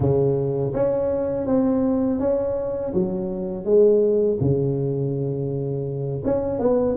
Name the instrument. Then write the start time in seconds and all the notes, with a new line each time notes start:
tuba
0.00 C#3
0.73 C#4
1.46 C4
2.20 C#4
2.93 F#3
3.64 G#3
4.40 C#3
6.25 C#4
6.59 B3